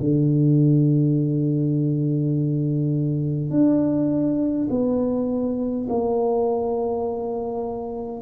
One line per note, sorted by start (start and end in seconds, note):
0.00 3.50 D3
3.50 4.68 D4
4.70 5.88 B3
5.89 8.21 A#3